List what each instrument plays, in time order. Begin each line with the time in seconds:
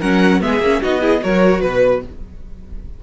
0.00 cello F#3, viola C#4, violin A#4 F#5
0.41 cello G#3, viola B3, violin G#4 E5
0.60 cello A#3, viola C#4
0.82 cello B3, viola D#4, violin F#4 D#5
1.01 viola E4, violin G#4
1.21 cello F#3, viola F#4, violin A#4 C#5
1.60 cello B2, violin B4